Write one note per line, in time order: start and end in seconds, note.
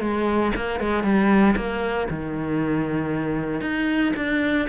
0.00 0.52 G#3
0.55 0.79 A#3
0.79 1.03 G#3
1.03 1.55 G3
1.56 2.08 A#3
2.10 3.61 D#3
3.61 4.13 D#4
4.16 4.68 D4